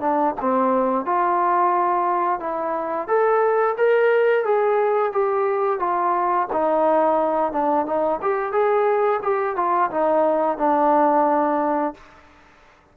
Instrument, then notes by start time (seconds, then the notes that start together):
trombone
0.00 D4
0.41 C4
1.05 F4
2.40 E4
3.07 A4
3.77 A#4
4.44 G#4
5.12 G4
5.79 F4
6.52 D#4
7.52 D4
7.86 D#4
8.22 G4
8.52 G#4
9.22 G4
9.56 F4
9.90 D#4
10.58 D4